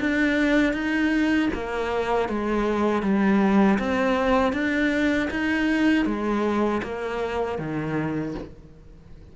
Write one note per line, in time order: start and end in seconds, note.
0.00 0.73 D4
0.73 1.49 D#4
1.54 2.29 A#3
2.29 3.02 G#3
3.02 3.78 G3
3.79 4.53 C4
4.53 5.29 D4
5.30 6.06 D#4
6.06 6.81 G#3
6.83 7.58 A#3
7.58 8.34 D#3